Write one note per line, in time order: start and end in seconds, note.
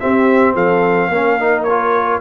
0.00 1.12 C4
0.00 0.55 C4
0.00 0.54 G4
0.00 0.56 E5
0.54 1.09 F3
0.54 1.09 A4
0.54 1.64 F5
1.09 2.20 A#3
1.09 1.40 C#4
1.09 2.21 A#4
1.40 1.68 D#4
1.64 2.19 C#5
1.70 2.21 F4